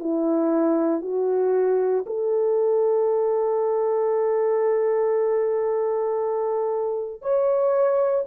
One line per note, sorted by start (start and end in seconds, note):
0.00 1.02 E4
1.02 2.05 F#4
2.06 7.22 A4
7.22 8.25 C#5